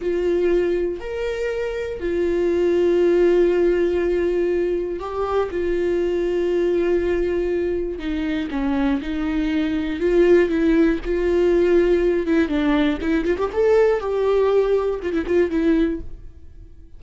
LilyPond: \new Staff \with { instrumentName = "viola" } { \time 4/4 \tempo 4 = 120 f'2 ais'2 | f'1~ | f'2 g'4 f'4~ | f'1 |
dis'4 cis'4 dis'2 | f'4 e'4 f'2~ | f'8 e'8 d'4 e'8 f'16 g'16 a'4 | g'2 f'16 e'16 f'8 e'4 | }